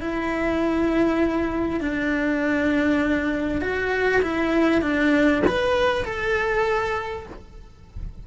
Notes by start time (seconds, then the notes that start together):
0.00 E4
1.80 D4
3.61 F#4
4.21 E4
4.81 D4
5.47 B4
6.04 A4